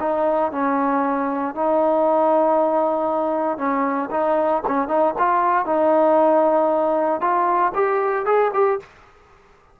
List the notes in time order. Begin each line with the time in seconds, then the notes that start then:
0.00 D#4
0.52 C#4
1.55 D#4
3.58 C#4
4.11 D#4
4.68 C#4
4.88 D#4
5.19 F4
5.66 D#4
7.21 F4
7.75 G4
8.26 G#4
8.54 G4